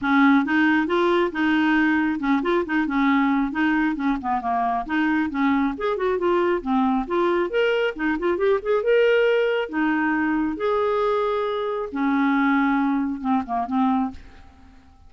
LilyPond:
\new Staff \with { instrumentName = "clarinet" } { \time 4/4 \tempo 4 = 136 cis'4 dis'4 f'4 dis'4~ | dis'4 cis'8 f'8 dis'8 cis'4. | dis'4 cis'8 b8 ais4 dis'4 | cis'4 gis'8 fis'8 f'4 c'4 |
f'4 ais'4 dis'8 f'8 g'8 gis'8 | ais'2 dis'2 | gis'2. cis'4~ | cis'2 c'8 ais8 c'4 | }